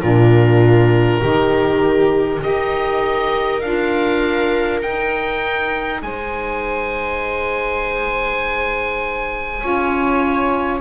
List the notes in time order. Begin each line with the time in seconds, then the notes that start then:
0.00 A#2 D4 F4 A#4
1.21 D#3 D#4 G4
2.40 D#4 G4 A#4 D#5
3.60 D4 F4 F5
4.81 D#4 G5
6.02 G#3 C5 G#5
9.59 C#4 F4 C#5